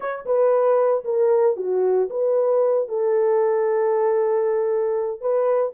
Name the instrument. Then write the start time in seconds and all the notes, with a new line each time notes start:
horn
0.00 C#5
0.25 B4
1.04 A#4
1.56 F#4
2.10 B4
2.88 A4
5.20 B4